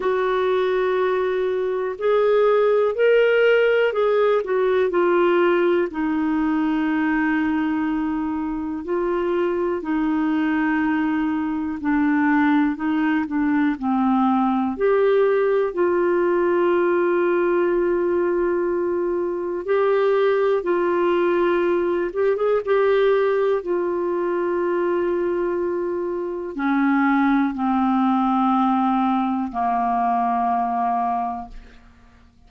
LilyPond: \new Staff \with { instrumentName = "clarinet" } { \time 4/4 \tempo 4 = 61 fis'2 gis'4 ais'4 | gis'8 fis'8 f'4 dis'2~ | dis'4 f'4 dis'2 | d'4 dis'8 d'8 c'4 g'4 |
f'1 | g'4 f'4. g'16 gis'16 g'4 | f'2. cis'4 | c'2 ais2 | }